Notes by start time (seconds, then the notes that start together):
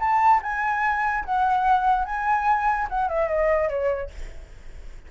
0.00 A5
0.43 G#5
1.25 F#5
2.05 G#5
2.90 F#5
3.09 E5
3.28 D#5
3.69 C#5